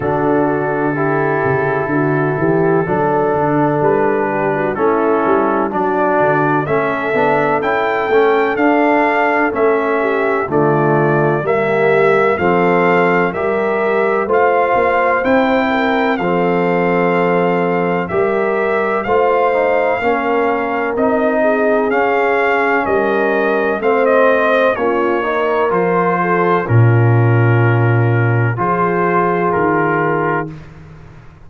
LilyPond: <<
  \new Staff \with { instrumentName = "trumpet" } { \time 4/4 \tempo 4 = 63 a'1 | b'4 a'4 d''4 e''4 | g''4 f''4 e''4 d''4 | e''4 f''4 e''4 f''4 |
g''4 f''2 e''4 | f''2 dis''4 f''4 | dis''4 f''16 dis''8. cis''4 c''4 | ais'2 c''4 ais'4 | }
  \new Staff \with { instrumentName = "horn" } { \time 4/4 fis'4 g'4 fis'8 g'8 a'4~ | a'8 g'16 fis'16 e'4 fis'4 a'4~ | a'2~ a'8 g'8 f'4 | g'4 a'4 ais'4 c''4~ |
c''8 ais'8 a'2 ais'4 | c''4 ais'4. gis'4. | ais'4 c''4 f'8 ais'4 a'8 | f'2 gis'2 | }
  \new Staff \with { instrumentName = "trombone" } { \time 4/4 d'4 e'2 d'4~ | d'4 cis'4 d'4 cis'8 d'8 | e'8 cis'8 d'4 cis'4 a4 | ais4 c'4 g'4 f'4 |
e'4 c'2 g'4 | f'8 dis'8 cis'4 dis'4 cis'4~ | cis'4 c'4 cis'8 dis'8 f'4 | cis'2 f'2 | }
  \new Staff \with { instrumentName = "tuba" } { \time 4/4 d4. cis8 d8 e8 fis8 d8 | g4 a8 g8 fis8 d8 a8 b8 | cis'8 a8 d'4 a4 d4 | g4 f4 g4 a8 ais8 |
c'4 f2 g4 | a4 ais4 c'4 cis'4 | g4 a4 ais4 f4 | ais,2 f4 dis4 | }
>>